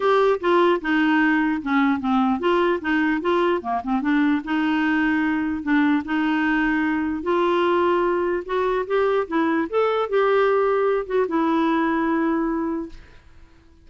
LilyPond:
\new Staff \with { instrumentName = "clarinet" } { \time 4/4 \tempo 4 = 149 g'4 f'4 dis'2 | cis'4 c'4 f'4 dis'4 | f'4 ais8 c'8 d'4 dis'4~ | dis'2 d'4 dis'4~ |
dis'2 f'2~ | f'4 fis'4 g'4 e'4 | a'4 g'2~ g'8 fis'8 | e'1 | }